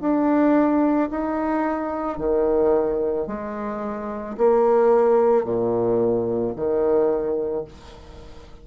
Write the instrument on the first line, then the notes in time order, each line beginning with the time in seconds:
bassoon
0.00 D4
1.10 D#4
2.18 D#3
3.27 G#3
4.37 A#3
5.44 A#2
6.56 D#3